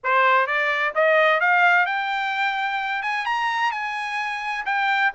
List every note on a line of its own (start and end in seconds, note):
0.03 0.47 C5
0.47 0.93 D5
0.95 1.40 D#5
1.40 1.86 F5
1.86 3.02 G5
3.02 3.25 G#5
3.25 3.71 A#5
3.71 4.64 G#5
4.65 5.12 G5